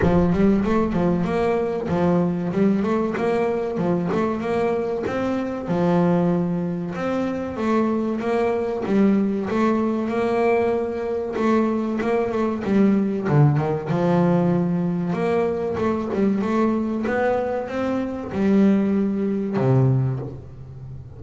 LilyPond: \new Staff \with { instrumentName = "double bass" } { \time 4/4 \tempo 4 = 95 f8 g8 a8 f8 ais4 f4 | g8 a8 ais4 f8 a8 ais4 | c'4 f2 c'4 | a4 ais4 g4 a4 |
ais2 a4 ais8 a8 | g4 d8 dis8 f2 | ais4 a8 g8 a4 b4 | c'4 g2 c4 | }